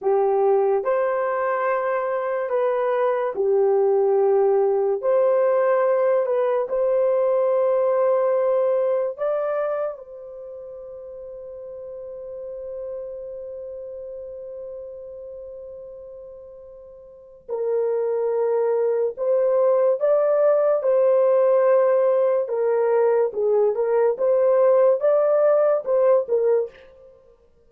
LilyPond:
\new Staff \with { instrumentName = "horn" } { \time 4/4 \tempo 4 = 72 g'4 c''2 b'4 | g'2 c''4. b'8 | c''2. d''4 | c''1~ |
c''1~ | c''4 ais'2 c''4 | d''4 c''2 ais'4 | gis'8 ais'8 c''4 d''4 c''8 ais'8 | }